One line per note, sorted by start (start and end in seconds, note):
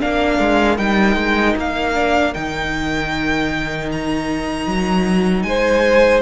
0.00 0.39 A#3
0.00 0.78 D4
0.00 5.46 A#4
0.00 0.78 F5
0.39 0.78 G#3
0.78 1.16 G3
0.78 1.95 D#4
0.78 1.56 G5
1.16 1.55 G#3
1.57 2.35 A#3
1.57 2.34 F5
1.95 2.34 D4
2.34 4.67 D#3
2.34 6.22 D#4
2.34 3.90 G5
3.92 5.43 A#5
4.67 5.45 F#3
5.43 6.22 G#3
5.43 6.22 C5
5.43 6.21 G#5